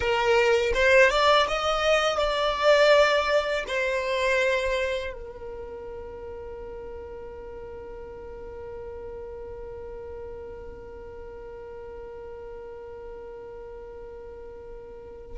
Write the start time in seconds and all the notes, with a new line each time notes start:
0.00 A#4
0.74 C5
1.10 D5
1.47 D#5
2.18 D5
3.67 C5
5.13 A#4